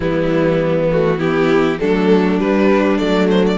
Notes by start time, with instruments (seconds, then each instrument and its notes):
0.00 cello E3, viola G3, violin B3 E4
0.91 viola A3, violin F#4
1.18 viola B3, violin E4 G4
1.79 cello F#3, viola A3, violin D4 A4
2.39 viola G3, cello G3, violin B4
2.97 cello F#3, viola A3, violin D5
3.30 violin C5
3.46 violin D5